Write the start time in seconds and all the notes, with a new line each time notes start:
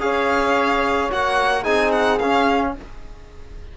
0.00 C#4 G#4 C#5 F5
1.11 A#3 F#4 F#5
1.61 C4 D#4 G#4 G#5
1.92 F#5
2.19 C#4 F5